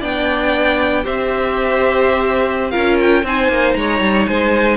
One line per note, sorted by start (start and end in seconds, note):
0.00 1.06 B3
0.00 1.04 D4
0.00 1.03 D5
0.00 1.06 G5
1.04 2.75 C4
1.04 2.72 G4
1.04 2.72 C5
1.04 2.71 E5
2.71 3.23 C#4
2.71 3.24 F4
2.71 3.23 A#4
2.71 2.96 F5
3.01 3.27 G5
3.23 3.49 C4
3.23 4.77 D#4
3.23 3.78 C5
3.23 3.73 G#5
3.49 3.75 A#3
3.73 4.01 G#3
3.73 4.29 C#5
3.73 4.25 A#5
4.01 4.27 G3
4.27 4.77 G#3
4.27 4.77 C5
4.27 4.77 G#5